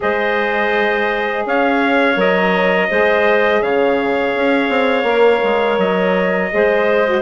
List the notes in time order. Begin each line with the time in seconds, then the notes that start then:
0.00 G#3 G#4 C5 D#5
1.46 C#4 C#5 F5
2.16 F#3 A#4 D#5
2.89 G#3 G#4 C5
3.61 C#3 C#5 F5
4.35 C#4
4.69 C4
5.03 A#3 A#4
5.43 G#3
5.78 F#3 D#5
6.51 G#3 G#4 C5
7.06 F#4